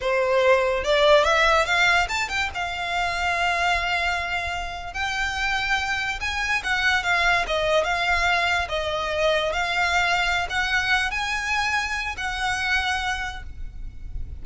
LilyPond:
\new Staff \with { instrumentName = "violin" } { \time 4/4 \tempo 4 = 143 c''2 d''4 e''4 | f''4 a''8 g''8 f''2~ | f''2.~ f''8. g''16~ | g''2~ g''8. gis''4 fis''16~ |
fis''8. f''4 dis''4 f''4~ f''16~ | f''8. dis''2 f''4~ f''16~ | f''4 fis''4. gis''4.~ | gis''4 fis''2. | }